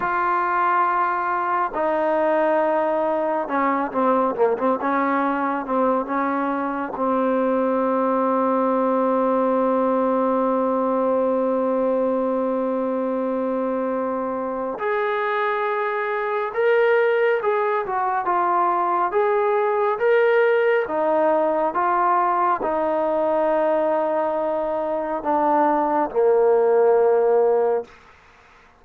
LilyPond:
\new Staff \with { instrumentName = "trombone" } { \time 4/4 \tempo 4 = 69 f'2 dis'2 | cis'8 c'8 ais16 c'16 cis'4 c'8 cis'4 | c'1~ | c'1~ |
c'4 gis'2 ais'4 | gis'8 fis'8 f'4 gis'4 ais'4 | dis'4 f'4 dis'2~ | dis'4 d'4 ais2 | }